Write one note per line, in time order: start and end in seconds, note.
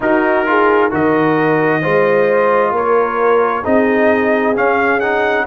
0.00 0.91 D#4
0.00 0.46 D#4
0.00 0.48 F#4
0.00 0.92 A#4
0.46 0.91 F4
0.46 0.89 G#4
0.89 1.84 D#3
0.89 1.81 F#4
0.89 1.80 A#4
0.89 2.75 D#5
1.81 2.71 G#3
1.81 3.63 F4
1.81 2.72 C5
2.71 3.62 A#3
2.71 3.63 A#4
2.71 3.64 C#5
3.63 4.56 C4
3.63 4.54 D#4
3.63 5.45 G#4
3.63 4.55 D#5
4.55 5.01 C#4
4.55 5.46 C#4
4.55 4.99 F5
4.99 5.46 D#4
4.99 5.45 F#5